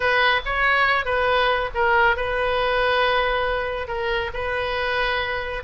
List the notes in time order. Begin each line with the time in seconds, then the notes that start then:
0.00 B4
0.45 C#5
1.05 B4
1.74 A#4
2.16 B4
3.87 A#4
4.33 B4